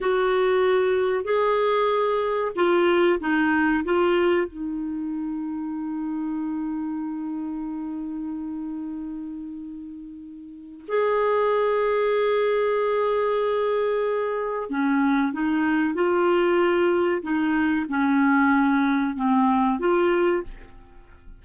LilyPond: \new Staff \with { instrumentName = "clarinet" } { \time 4/4 \tempo 4 = 94 fis'2 gis'2 | f'4 dis'4 f'4 dis'4~ | dis'1~ | dis'1~ |
dis'4 gis'2.~ | gis'2. cis'4 | dis'4 f'2 dis'4 | cis'2 c'4 f'4 | }